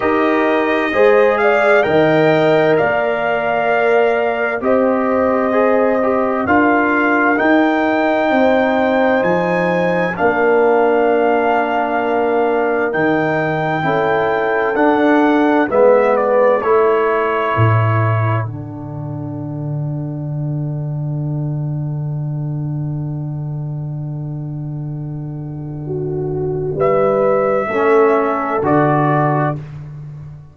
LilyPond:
<<
  \new Staff \with { instrumentName = "trumpet" } { \time 4/4 \tempo 4 = 65 dis''4. f''8 g''4 f''4~ | f''4 dis''2 f''4 | g''2 gis''4 f''4~ | f''2 g''2 |
fis''4 e''8 d''8 cis''2 | fis''1~ | fis''1~ | fis''4 e''2 d''4 | }
  \new Staff \with { instrumentName = "horn" } { \time 4/4 ais'4 c''8 d''8 dis''4 d''4~ | d''4 c''2 ais'4~ | ais'4 c''2 ais'4~ | ais'2. a'4~ |
a'4 b'4 a'2~ | a'1~ | a'1 | fis'4 b'4 a'2 | }
  \new Staff \with { instrumentName = "trombone" } { \time 4/4 g'4 gis'4 ais'2~ | ais'4 g'4 gis'8 g'8 f'4 | dis'2. d'4~ | d'2 dis'4 e'4 |
d'4 b4 e'2 | d'1~ | d'1~ | d'2 cis'4 fis'4 | }
  \new Staff \with { instrumentName = "tuba" } { \time 4/4 dis'4 gis4 dis4 ais4~ | ais4 c'2 d'4 | dis'4 c'4 f4 ais4~ | ais2 dis4 cis'4 |
d'4 gis4 a4 a,4 | d1~ | d1~ | d4 g4 a4 d4 | }
>>